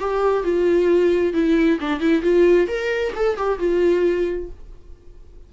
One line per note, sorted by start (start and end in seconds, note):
0.00 0.44 G4
0.44 1.34 F4
1.34 1.79 E4
1.81 2.00 D4
2.00 2.23 E4
2.23 2.68 F4
2.68 3.13 A#4
3.16 3.37 A4
3.37 3.59 G4
3.59 4.50 F4